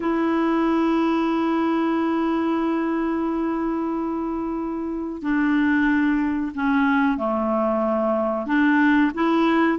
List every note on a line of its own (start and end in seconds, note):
0.00 5.22 E4
5.22 6.52 D4
6.54 7.17 C#4
7.17 8.46 A3
8.46 9.11 D4
9.14 9.78 E4